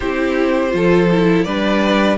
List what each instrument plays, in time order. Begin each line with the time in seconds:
0.00 cello C4, viola E4, violin G4 C5
0.70 cello F3, viola F4, violin A4
1.11 viola E4
1.43 cello G3, viola D4, violin B4 D5